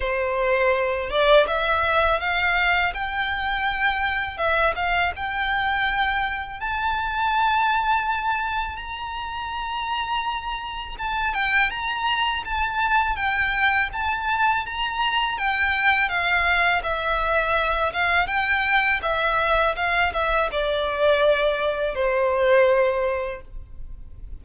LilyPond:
\new Staff \with { instrumentName = "violin" } { \time 4/4 \tempo 4 = 82 c''4. d''8 e''4 f''4 | g''2 e''8 f''8 g''4~ | g''4 a''2. | ais''2. a''8 g''8 |
ais''4 a''4 g''4 a''4 | ais''4 g''4 f''4 e''4~ | e''8 f''8 g''4 e''4 f''8 e''8 | d''2 c''2 | }